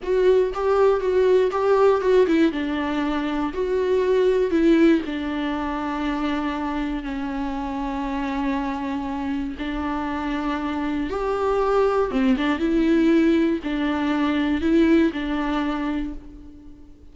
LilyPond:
\new Staff \with { instrumentName = "viola" } { \time 4/4 \tempo 4 = 119 fis'4 g'4 fis'4 g'4 | fis'8 e'8 d'2 fis'4~ | fis'4 e'4 d'2~ | d'2 cis'2~ |
cis'2. d'4~ | d'2 g'2 | c'8 d'8 e'2 d'4~ | d'4 e'4 d'2 | }